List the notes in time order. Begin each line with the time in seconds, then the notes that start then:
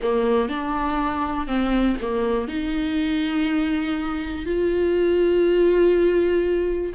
0.02 A#3
0.48 D4
1.47 C4
2.01 A#3
2.47 D#4
4.45 F4